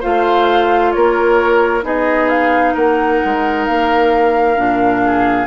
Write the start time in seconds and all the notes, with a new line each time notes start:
0.00 A3 F4 C5 F5
0.92 A#3 A#4 C#5
1.82 B3 D#4 G#4 D#5
2.29 F5
2.73 A#3 A#4 F#5
3.25 G#3
3.66 A#3 F5
4.56 A#2 D4
5.05 G#4